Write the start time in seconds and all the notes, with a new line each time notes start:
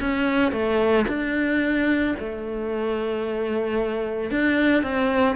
0.00 C#4
0.52 A3
1.08 D4
2.19 A3
4.31 D4
4.83 C4